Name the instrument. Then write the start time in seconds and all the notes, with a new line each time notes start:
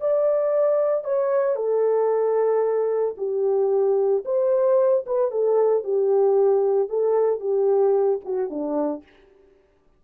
horn
0.00 D5
1.04 C#5
1.55 A4
3.17 G4
4.25 C5
5.06 B4
5.31 A4
5.84 G4
6.89 A4
7.40 G4
8.24 F#4
8.50 D4